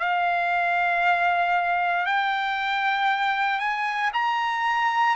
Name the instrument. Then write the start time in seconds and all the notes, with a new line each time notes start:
trumpet
0.00 F5
2.06 G5
3.60 G#5
4.14 A#5